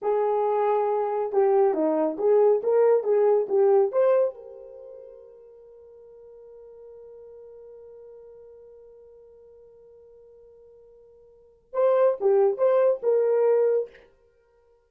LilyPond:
\new Staff \with { instrumentName = "horn" } { \time 4/4 \tempo 4 = 138 gis'2. g'4 | dis'4 gis'4 ais'4 gis'4 | g'4 c''4 ais'2~ | ais'1~ |
ais'1~ | ais'1~ | ais'2. c''4 | g'4 c''4 ais'2 | }